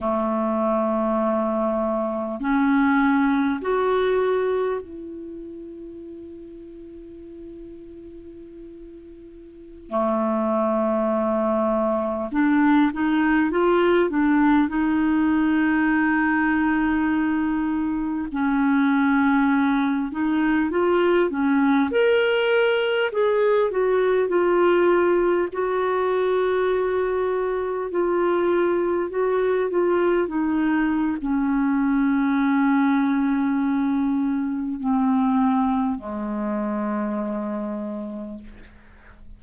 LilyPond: \new Staff \with { instrumentName = "clarinet" } { \time 4/4 \tempo 4 = 50 a2 cis'4 fis'4 | e'1~ | e'16 a2 d'8 dis'8 f'8 d'16~ | d'16 dis'2. cis'8.~ |
cis'8. dis'8 f'8 cis'8 ais'4 gis'8 fis'16~ | fis'16 f'4 fis'2 f'8.~ | f'16 fis'8 f'8 dis'8. cis'2~ | cis'4 c'4 gis2 | }